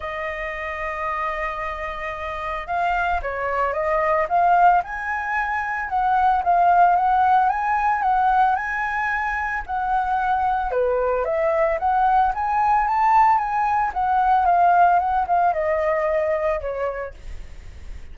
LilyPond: \new Staff \with { instrumentName = "flute" } { \time 4/4 \tempo 4 = 112 dis''1~ | dis''4 f''4 cis''4 dis''4 | f''4 gis''2 fis''4 | f''4 fis''4 gis''4 fis''4 |
gis''2 fis''2 | b'4 e''4 fis''4 gis''4 | a''4 gis''4 fis''4 f''4 | fis''8 f''8 dis''2 cis''4 | }